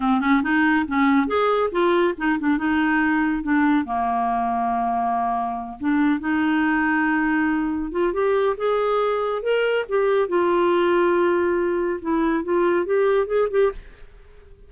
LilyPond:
\new Staff \with { instrumentName = "clarinet" } { \time 4/4 \tempo 4 = 140 c'8 cis'8 dis'4 cis'4 gis'4 | f'4 dis'8 d'8 dis'2 | d'4 ais2.~ | ais4. d'4 dis'4.~ |
dis'2~ dis'8 f'8 g'4 | gis'2 ais'4 g'4 | f'1 | e'4 f'4 g'4 gis'8 g'8 | }